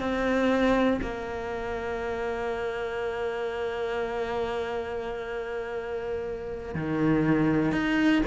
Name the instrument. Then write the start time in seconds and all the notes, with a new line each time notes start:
cello
0.00 C4
1.02 A#3
6.75 D#3
7.72 D#4